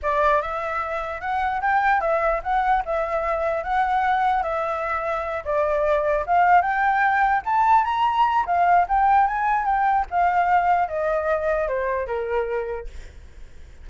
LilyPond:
\new Staff \with { instrumentName = "flute" } { \time 4/4 \tempo 4 = 149 d''4 e''2 fis''4 | g''4 e''4 fis''4 e''4~ | e''4 fis''2 e''4~ | e''4. d''2 f''8~ |
f''8 g''2 a''4 ais''8~ | ais''4 f''4 g''4 gis''4 | g''4 f''2 dis''4~ | dis''4 c''4 ais'2 | }